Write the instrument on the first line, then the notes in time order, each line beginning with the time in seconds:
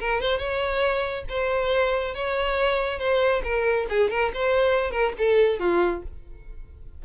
violin
0.00 A#4
0.21 C5
0.38 C#5
1.29 C5
2.15 C#5
2.99 C5
3.44 A#4
3.90 G#4
4.11 A#4
4.34 C5
4.91 A#4
5.19 A4
5.60 F4